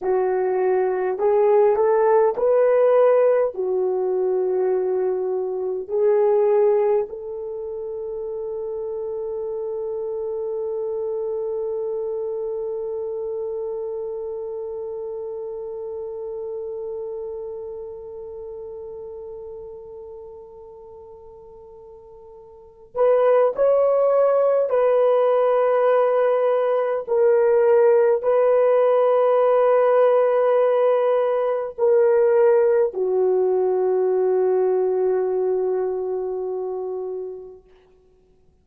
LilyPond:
\new Staff \with { instrumentName = "horn" } { \time 4/4 \tempo 4 = 51 fis'4 gis'8 a'8 b'4 fis'4~ | fis'4 gis'4 a'2~ | a'1~ | a'1~ |
a'2.~ a'8 b'8 | cis''4 b'2 ais'4 | b'2. ais'4 | fis'1 | }